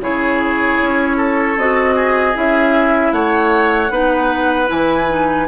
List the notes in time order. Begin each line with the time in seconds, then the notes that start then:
0.00 C#3 E4 G#4 C#5
0.82 C#4
1.17 A4
1.57 C4 F#4 D#5
1.96 G#4
2.34 C#4 E4 E5
3.13 A3 C#5 F#5
3.90 B3 D#4 B4
4.67 E3 E4 G#5
5.09 D#4